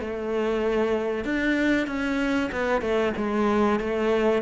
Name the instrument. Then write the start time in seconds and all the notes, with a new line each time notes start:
cello
0.00 A3
1.24 D4
1.87 C#4
2.52 B3
2.81 A3
3.17 G#3
3.80 A3